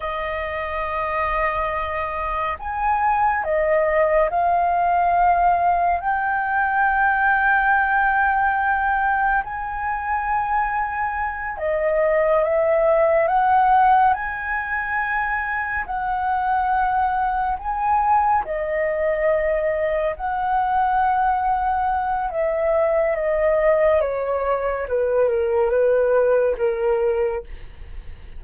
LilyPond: \new Staff \with { instrumentName = "flute" } { \time 4/4 \tempo 4 = 70 dis''2. gis''4 | dis''4 f''2 g''4~ | g''2. gis''4~ | gis''4. dis''4 e''4 fis''8~ |
fis''8 gis''2 fis''4.~ | fis''8 gis''4 dis''2 fis''8~ | fis''2 e''4 dis''4 | cis''4 b'8 ais'8 b'4 ais'4 | }